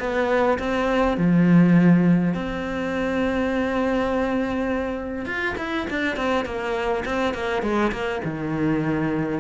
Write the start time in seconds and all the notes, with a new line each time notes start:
0.00 B3
0.59 C4
1.18 F3
2.34 C4
5.26 F4
5.58 E4
5.91 D4
6.17 C4
6.46 A#3
7.06 C4
7.35 A#3
7.63 G#3
7.93 A#3
8.25 D#3